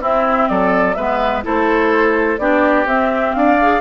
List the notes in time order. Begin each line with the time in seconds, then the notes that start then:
0.00 C4 E4 E5
0.48 F#3 A4 D5
0.94 G#3 B3 B4 E5
1.43 A3 E4 A4 C5
2.38 B3 D4 G4 D5
2.85 C4 E5
3.34 D4 D5 F5
3.61 G#4